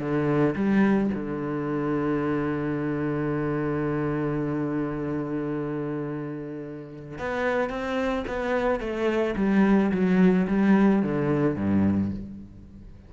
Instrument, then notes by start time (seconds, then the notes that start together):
cello
0.00 D3
0.56 G3
1.15 D3
7.19 B3
7.70 C4
8.27 B3
8.80 A3
9.37 G3
9.92 F#3
10.48 G3
11.03 D3
11.56 G2